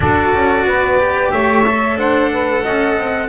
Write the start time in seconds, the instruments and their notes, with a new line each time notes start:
0.00 double bass D4, cello F#4, saxophone A4, trumpet D5
0.33 double bass C#4
0.64 double bass B3, saxophone B4
0.98 cello G4
1.31 double bass A3, saxophone C#5, trumpet E5
1.66 cello A4
1.96 double bass D4, saxophone C5, trumpet F#5
2.32 saxophone B4
2.63 double bass C#4, saxophone D#5
2.97 double bass C4